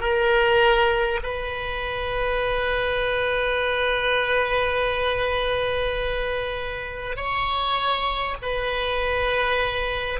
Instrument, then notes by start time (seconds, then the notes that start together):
oboe
0.00 A#4
1.23 B4
7.17 C#5
8.42 B4